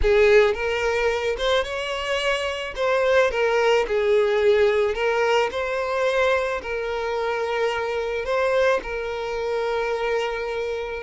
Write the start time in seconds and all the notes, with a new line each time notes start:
0.02 G#4
0.54 A#4
1.37 C5
1.63 C#5
2.75 C5
3.31 A#4
3.87 G#4
4.94 A#4
5.51 C5
6.62 A#4
8.25 C5
8.82 A#4